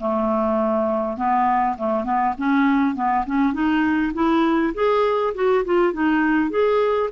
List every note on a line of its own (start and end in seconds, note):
0.00 1.17 A3
1.17 1.77 B3
1.78 2.05 A3
2.05 2.34 B3
2.38 2.96 C#4
2.96 3.25 B3
3.27 3.54 C#4
3.54 4.13 D#4
4.14 4.74 E4
4.75 5.34 G#4
5.35 5.65 F#4
5.65 5.94 F4
5.94 6.51 D#4
6.51 7.10 G#4